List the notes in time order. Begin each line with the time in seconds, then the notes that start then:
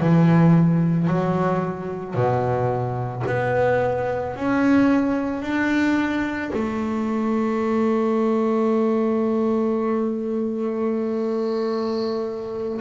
0.00 E3
1.08 F#3
2.14 B2
3.27 B3
4.36 C#4
5.42 D4
6.54 A3